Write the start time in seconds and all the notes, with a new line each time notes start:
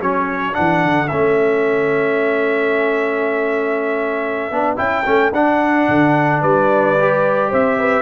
0.00 F#3 C#4 A4 C#5
0.53 E3 D4 F#5
0.84 D3
1.08 A3 C#4 E5
4.51 B3 D4
4.76 C#4 E4 G5
5.05 A3 C#4
5.32 D4 F#5
5.88 D3
6.41 G3 B4 D5
6.99 G4
7.50 C4 C5 E5
7.79 B4